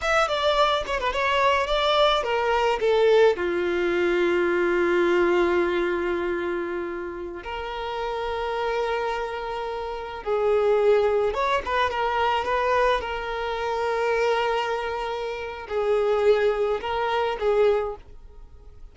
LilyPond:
\new Staff \with { instrumentName = "violin" } { \time 4/4 \tempo 4 = 107 e''8 d''4 cis''16 b'16 cis''4 d''4 | ais'4 a'4 f'2~ | f'1~ | f'4~ f'16 ais'2~ ais'8.~ |
ais'2~ ais'16 gis'4.~ gis'16~ | gis'16 cis''8 b'8 ais'4 b'4 ais'8.~ | ais'1 | gis'2 ais'4 gis'4 | }